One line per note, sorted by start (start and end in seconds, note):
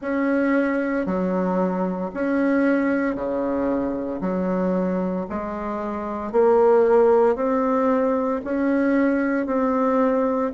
0.01 1.06 C#4
1.06 2.11 F#3
2.13 3.15 C#4
3.15 4.20 C#3
4.21 5.26 F#3
5.29 6.32 G#3
6.32 7.35 A#3
7.35 8.41 C4
8.44 9.46 C#4
9.46 10.51 C4